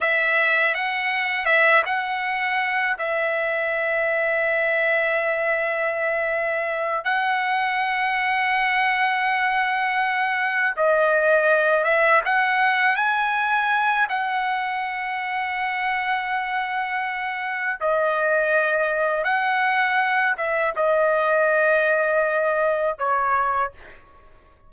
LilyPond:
\new Staff \with { instrumentName = "trumpet" } { \time 4/4 \tempo 4 = 81 e''4 fis''4 e''8 fis''4. | e''1~ | e''4. fis''2~ fis''8~ | fis''2~ fis''8 dis''4. |
e''8 fis''4 gis''4. fis''4~ | fis''1 | dis''2 fis''4. e''8 | dis''2. cis''4 | }